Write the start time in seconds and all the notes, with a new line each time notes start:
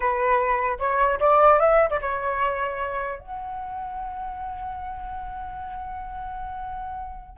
0.00 B4
0.79 C#5
1.19 D5
1.59 E5
1.90 D5
2.01 C#5
3.19 F#5